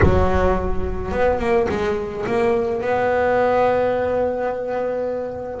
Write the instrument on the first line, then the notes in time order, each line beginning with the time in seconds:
double bass
0.02 F#3
1.11 B3
1.39 A#3
1.69 G#3
2.26 A#3
2.81 B3